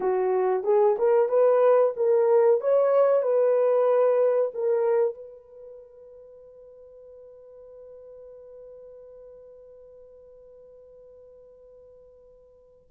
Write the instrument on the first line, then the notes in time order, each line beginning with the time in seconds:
horn
0.00 F#4
0.63 G#4
0.98 A#4
1.28 B4
1.96 A#4
2.60 C#5
3.22 B4
4.54 A#4
5.14 B4